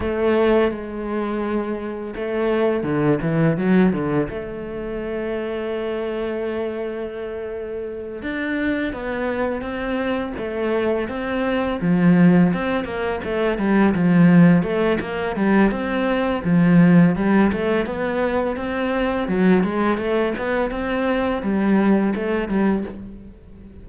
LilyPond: \new Staff \with { instrumentName = "cello" } { \time 4/4 \tempo 4 = 84 a4 gis2 a4 | d8 e8 fis8 d8 a2~ | a2.~ a8 d'8~ | d'8 b4 c'4 a4 c'8~ |
c'8 f4 c'8 ais8 a8 g8 f8~ | f8 a8 ais8 g8 c'4 f4 | g8 a8 b4 c'4 fis8 gis8 | a8 b8 c'4 g4 a8 g8 | }